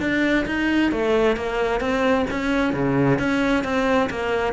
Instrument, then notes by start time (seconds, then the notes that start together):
cello
0.00 D4
0.46 D#4
0.92 A3
1.36 A#3
1.80 C4
2.30 C#4
2.73 C#3
3.19 C#4
3.64 C4
4.10 A#3